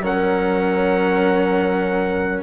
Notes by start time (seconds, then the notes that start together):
0.00 F#3 C#4 A#4 F#5